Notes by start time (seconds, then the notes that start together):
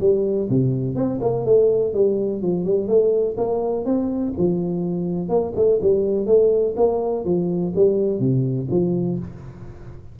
0.00 G3
0.50 C3
0.96 C4
1.21 A#3
1.45 A3
1.94 G3
2.42 F3
2.65 G3
2.87 A3
3.37 A#3
3.85 C4
4.38 F3
5.29 A#3
5.56 A3
5.82 G3
6.26 A3
6.77 A#3
7.25 F3
7.76 G3
8.20 C3
8.71 F3